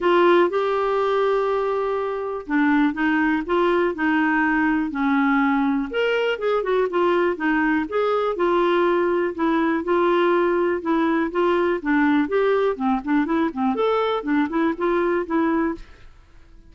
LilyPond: \new Staff \with { instrumentName = "clarinet" } { \time 4/4 \tempo 4 = 122 f'4 g'2.~ | g'4 d'4 dis'4 f'4 | dis'2 cis'2 | ais'4 gis'8 fis'8 f'4 dis'4 |
gis'4 f'2 e'4 | f'2 e'4 f'4 | d'4 g'4 c'8 d'8 e'8 c'8 | a'4 d'8 e'8 f'4 e'4 | }